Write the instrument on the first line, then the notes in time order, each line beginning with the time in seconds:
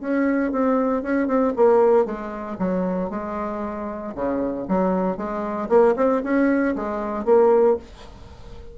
bassoon
0.00 C#4
0.51 C4
1.02 C#4
1.27 C4
1.56 A#3
2.05 G#3
2.58 F#3
3.10 G#3
4.14 C#3
4.68 F#3
5.17 G#3
5.69 A#3
5.96 C4
6.23 C#4
6.75 G#3
7.25 A#3